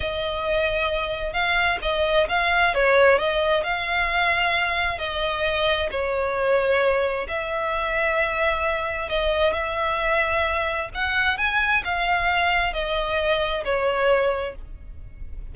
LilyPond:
\new Staff \with { instrumentName = "violin" } { \time 4/4 \tempo 4 = 132 dis''2. f''4 | dis''4 f''4 cis''4 dis''4 | f''2. dis''4~ | dis''4 cis''2. |
e''1 | dis''4 e''2. | fis''4 gis''4 f''2 | dis''2 cis''2 | }